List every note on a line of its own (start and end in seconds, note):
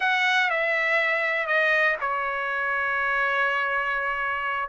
0.00 0.50 F#5
0.50 1.46 E5
1.46 1.96 D#5
2.00 4.69 C#5